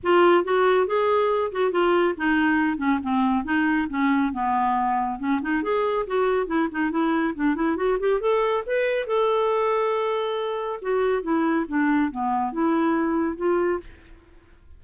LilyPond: \new Staff \with { instrumentName = "clarinet" } { \time 4/4 \tempo 4 = 139 f'4 fis'4 gis'4. fis'8 | f'4 dis'4. cis'8 c'4 | dis'4 cis'4 b2 | cis'8 dis'8 gis'4 fis'4 e'8 dis'8 |
e'4 d'8 e'8 fis'8 g'8 a'4 | b'4 a'2.~ | a'4 fis'4 e'4 d'4 | b4 e'2 f'4 | }